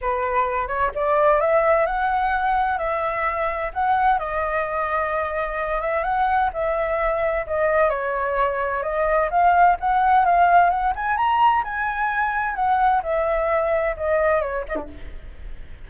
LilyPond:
\new Staff \with { instrumentName = "flute" } { \time 4/4 \tempo 4 = 129 b'4. cis''8 d''4 e''4 | fis''2 e''2 | fis''4 dis''2.~ | dis''8 e''8 fis''4 e''2 |
dis''4 cis''2 dis''4 | f''4 fis''4 f''4 fis''8 gis''8 | ais''4 gis''2 fis''4 | e''2 dis''4 cis''8 dis''16 d'16 | }